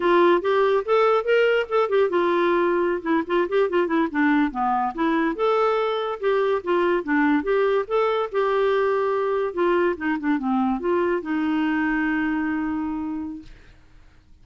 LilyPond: \new Staff \with { instrumentName = "clarinet" } { \time 4/4 \tempo 4 = 143 f'4 g'4 a'4 ais'4 | a'8 g'8 f'2~ f'16 e'8 f'16~ | f'16 g'8 f'8 e'8 d'4 b4 e'16~ | e'8. a'2 g'4 f'16~ |
f'8. d'4 g'4 a'4 g'16~ | g'2~ g'8. f'4 dis'16~ | dis'16 d'8 c'4 f'4 dis'4~ dis'16~ | dis'1 | }